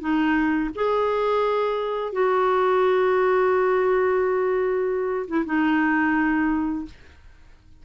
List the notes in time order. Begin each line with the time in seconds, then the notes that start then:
0.00 D#4
0.75 G#4
2.12 F#4
5.27 E4
5.45 D#4